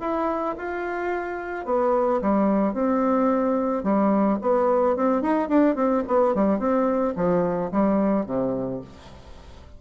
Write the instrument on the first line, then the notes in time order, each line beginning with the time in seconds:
bassoon
0.00 E4
0.58 F4
1.65 B3
2.21 G3
2.73 C4
3.83 G3
4.41 B3
4.96 C4
5.22 D#4
5.48 D4
5.75 C4
6.07 B3
6.34 G3
6.59 C4
7.16 F3
7.71 G3
8.26 C3